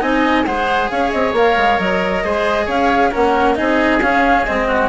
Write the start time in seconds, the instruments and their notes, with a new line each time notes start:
0.00 bassoon C4, cello D#4, oboe D#5, flute G#5
0.45 bassoon G#3, cello G#4, oboe C5, flute F#5
0.90 bassoon C#4, oboe C#5, flute F5
1.11 bassoon C4, flute D#5
1.32 bassoon A#3, cello A#4, flute F5
1.57 bassoon G#3
1.79 bassoon F#3, flute D#5
2.24 bassoon G#3, cello G#4, oboe C5
2.65 bassoon C#4, oboe C#5, flute F5
3.11 bassoon A#3, cello C#4, oboe A#4, flute F#5
3.55 bassoon C4, cello D#4, oboe G#4, flute D#5
4.01 bassoon C#4, cello C#4, flute F5
4.45 bassoon G#3, cello C4, flute D#5
4.67 oboe F#4